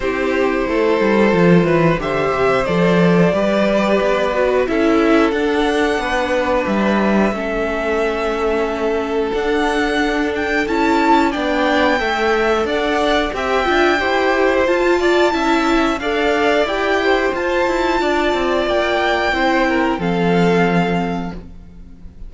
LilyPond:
<<
  \new Staff \with { instrumentName = "violin" } { \time 4/4 \tempo 4 = 90 c''2. e''4 | d''2. e''4 | fis''2 e''2~ | e''2 fis''4. g''8 |
a''4 g''2 fis''4 | g''2 a''2 | f''4 g''4 a''2 | g''2 f''2 | }
  \new Staff \with { instrumentName = "violin" } { \time 4/4 g'4 a'4. b'8 c''4~ | c''4 b'2 a'4~ | a'4 b'2 a'4~ | a'1~ |
a'4 d''4 e''4 d''4 | e''4 c''4. d''8 e''4 | d''4. c''4. d''4~ | d''4 c''8 ais'8 a'2 | }
  \new Staff \with { instrumentName = "viola" } { \time 4/4 e'2 f'4 g'4 | a'4 g'4. fis'8 e'4 | d'2. cis'4~ | cis'2 d'2 |
e'4 d'4 a'2 | g'8 f'8 g'4 f'4 e'4 | a'4 g'4 f'2~ | f'4 e'4 c'2 | }
  \new Staff \with { instrumentName = "cello" } { \time 4/4 c'4 a8 g8 f8 e8 d8 c8 | f4 g4 b4 cis'4 | d'4 b4 g4 a4~ | a2 d'2 |
cis'4 b4 a4 d'4 | c'8 d'8 e'4 f'4 cis'4 | d'4 e'4 f'8 e'8 d'8 c'8 | ais4 c'4 f2 | }
>>